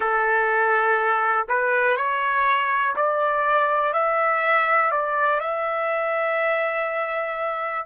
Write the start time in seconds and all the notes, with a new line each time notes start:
0.00 A4
1.48 B4
1.97 C#5
2.96 D5
3.93 E5
4.91 D5
5.40 E5